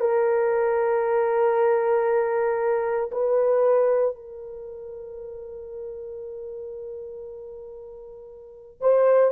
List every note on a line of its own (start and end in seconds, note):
0.00 3.10 A#4
3.12 4.15 B4
4.15 8.81 A#4
8.81 9.32 C5